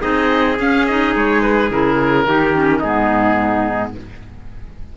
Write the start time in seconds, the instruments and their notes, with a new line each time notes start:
0.00 cello C4, clarinet D#4, trumpet G#4, oboe D#5
0.58 clarinet C#4, cello C#4, oboe F5
0.86 clarinet D#4, oboe D#5
1.15 cello G#3, oboe C#5
1.42 oboe B4
1.70 cello C#3, clarinet E4, oboe A#4
2.27 cello D#3, clarinet D#4, trumpet G4
2.54 clarinet C#4
2.79 cello G#2, clarinet B3, trumpet D#4, oboe G#4